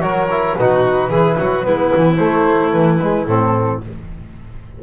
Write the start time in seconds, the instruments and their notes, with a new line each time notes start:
0.00 double bass F#3, trombone F#4, violin A#4, flute C#5
0.30 trombone E4
0.55 double bass B2, trombone D#4, violin F#4, flute B4
1.10 double bass E3, trombone E4, violin G#4
1.39 double bass F#3, violin F#4
1.63 double bass G#3, trombone B3, violin E4
1.97 double bass E3
2.16 trombone A3, double bass A3, flute C5
2.72 double bass E3, flute B4
3.01 trombone G#3
3.26 double bass A2, trombone C4, flute A4